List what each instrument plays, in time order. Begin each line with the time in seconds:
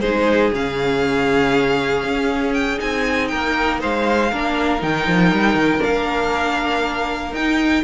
0.00 cello G#3, viola D#4, violin G#4 C5
0.53 cello C#3, viola C#4, violin F5
2.03 cello C#4
2.53 violin G5
2.77 cello C4, viola D#4, violin G#5
3.27 cello A#3, violin A#4 G5
3.80 cello G#3, violin C5 F5
4.30 cello A#3, viola D4, violin A#4
4.79 cello D#3, viola D#4, violin G5
5.06 cello F3
5.31 cello G3
5.54 cello D#3
5.79 viola D4, violin F5
5.85 cello A#3
7.31 cello D#4, viola D#4, violin G5